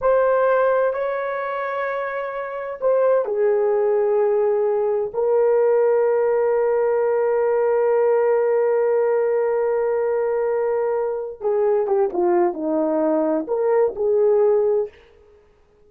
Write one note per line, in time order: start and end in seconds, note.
0.01 0.93 C5
0.93 2.79 C#5
2.80 3.25 C5
3.25 5.11 G#4
5.13 11.40 A#4
11.40 11.86 G#4
11.86 12.10 G4
12.12 12.53 F4
12.53 13.46 D#4
13.47 13.94 A#4
13.95 14.88 G#4